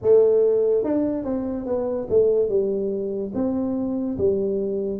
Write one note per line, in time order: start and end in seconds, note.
0.02 0.84 A3
0.84 1.24 D4
1.24 1.66 C4
1.66 2.07 B3
2.09 2.48 A3
2.48 3.32 G3
3.34 4.17 C4
4.17 4.99 G3